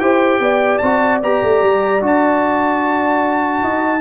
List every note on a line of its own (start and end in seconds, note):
0.00 0.40 E4
0.00 0.82 G4
0.00 0.41 C5
0.00 0.78 G5
0.40 0.80 B3
0.40 3.62 D5
0.78 1.23 C4
0.78 1.23 F#4
0.78 1.18 A5
1.23 1.43 B3
1.23 2.01 G4
1.23 2.04 A#5
1.43 1.62 A3
1.62 2.02 G3
2.01 3.63 D4
2.01 4.01 F#4
2.01 4.01 A5
3.62 4.01 D#4
3.62 4.01 D#5